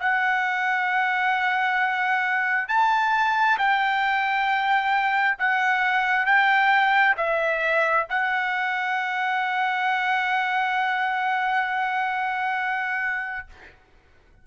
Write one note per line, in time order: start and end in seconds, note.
0.00 2.69 F#5
2.69 3.58 A5
3.58 5.37 G5
5.39 6.26 F#5
6.26 7.16 G5
7.17 8.07 E5
8.10 13.47 F#5